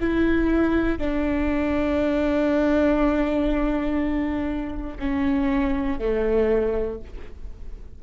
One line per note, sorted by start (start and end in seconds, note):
0.00 0.98 E4
0.98 4.98 D4
4.99 5.99 C#4
5.99 6.99 A3